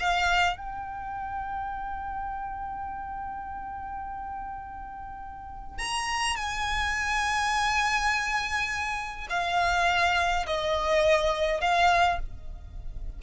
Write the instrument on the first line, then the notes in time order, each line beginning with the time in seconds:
violin
0.00 F5
0.57 G5
5.79 A#5
6.37 G#5
9.30 F5
10.47 D#5
11.61 F5